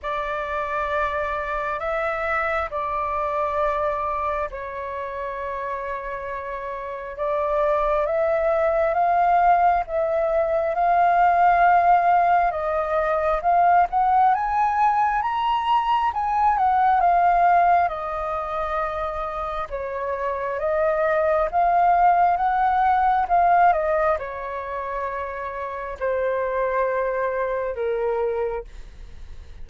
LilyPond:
\new Staff \with { instrumentName = "flute" } { \time 4/4 \tempo 4 = 67 d''2 e''4 d''4~ | d''4 cis''2. | d''4 e''4 f''4 e''4 | f''2 dis''4 f''8 fis''8 |
gis''4 ais''4 gis''8 fis''8 f''4 | dis''2 cis''4 dis''4 | f''4 fis''4 f''8 dis''8 cis''4~ | cis''4 c''2 ais'4 | }